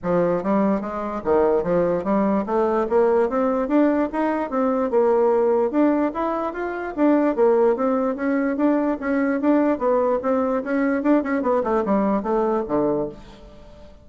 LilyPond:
\new Staff \with { instrumentName = "bassoon" } { \time 4/4 \tempo 4 = 147 f4 g4 gis4 dis4 | f4 g4 a4 ais4 | c'4 d'4 dis'4 c'4 | ais2 d'4 e'4 |
f'4 d'4 ais4 c'4 | cis'4 d'4 cis'4 d'4 | b4 c'4 cis'4 d'8 cis'8 | b8 a8 g4 a4 d4 | }